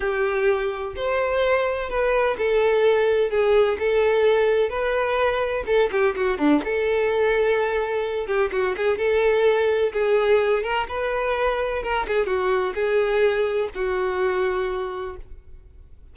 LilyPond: \new Staff \with { instrumentName = "violin" } { \time 4/4 \tempo 4 = 127 g'2 c''2 | b'4 a'2 gis'4 | a'2 b'2 | a'8 g'8 fis'8 d'8 a'2~ |
a'4. g'8 fis'8 gis'8 a'4~ | a'4 gis'4. ais'8 b'4~ | b'4 ais'8 gis'8 fis'4 gis'4~ | gis'4 fis'2. | }